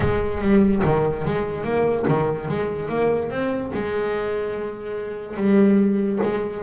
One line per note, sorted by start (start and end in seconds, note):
0.00 0.41 G#3
0.41 0.82 G3
0.84 1.25 D#3
1.25 1.64 G#3
1.64 2.05 A#3
2.07 2.48 D#3
2.48 2.89 G#3
2.89 3.30 A#3
3.30 3.71 C4
3.73 5.36 G#3
5.36 6.19 G3
6.22 6.63 G#3